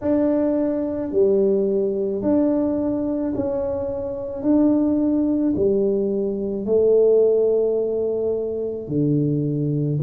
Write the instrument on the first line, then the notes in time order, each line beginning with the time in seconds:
tuba
0.01 D4
1.11 G3
2.22 D4
3.35 C#4
4.42 D4
5.56 G3
6.65 A3
8.87 D3